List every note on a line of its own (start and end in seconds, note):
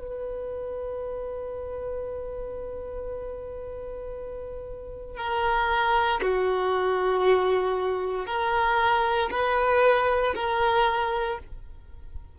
0.00 5.17 B4
5.17 6.21 A#4
6.22 8.27 F#4
8.27 9.30 A#4
9.31 10.34 B4
10.35 11.39 A#4